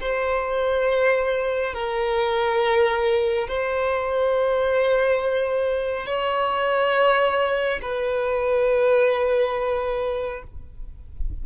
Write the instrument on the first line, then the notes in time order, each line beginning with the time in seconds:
violin
0.00 C5
1.73 A#4
3.47 C5
6.06 C#5
7.82 B4